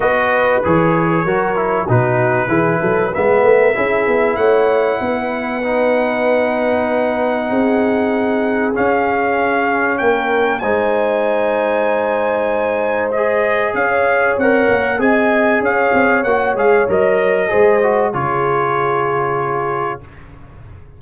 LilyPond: <<
  \new Staff \with { instrumentName = "trumpet" } { \time 4/4 \tempo 4 = 96 dis''4 cis''2 b'4~ | b'4 e''2 fis''4~ | fis''1~ | fis''2 f''2 |
g''4 gis''2.~ | gis''4 dis''4 f''4 fis''4 | gis''4 f''4 fis''8 f''8 dis''4~ | dis''4 cis''2. | }
  \new Staff \with { instrumentName = "horn" } { \time 4/4 b'2 ais'4 fis'4 | gis'8 a'8 b'8. ais'16 gis'4 cis''4 | b'1 | gis'1 |
ais'4 c''2.~ | c''2 cis''2 | dis''4 cis''2. | c''4 gis'2. | }
  \new Staff \with { instrumentName = "trombone" } { \time 4/4 fis'4 gis'4 fis'8 e'8 dis'4 | e'4 b4 e'2~ | e'4 dis'2.~ | dis'2 cis'2~ |
cis'4 dis'2.~ | dis'4 gis'2 ais'4 | gis'2 fis'8 gis'8 ais'4 | gis'8 fis'8 f'2. | }
  \new Staff \with { instrumentName = "tuba" } { \time 4/4 b4 e4 fis4 b,4 | e8 fis8 gis8 a8 cis'8 b8 a4 | b1 | c'2 cis'2 |
ais4 gis2.~ | gis2 cis'4 c'8 ais8 | c'4 cis'8 c'8 ais8 gis8 fis4 | gis4 cis2. | }
>>